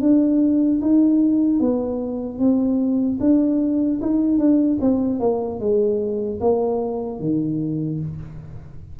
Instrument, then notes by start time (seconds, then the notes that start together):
tuba
0.00 D4
0.81 D#4
1.60 B3
2.38 C4
3.20 D4
4.01 D#4
4.37 D4
4.80 C4
5.19 A#3
5.59 G#3
6.40 A#3
7.19 D#3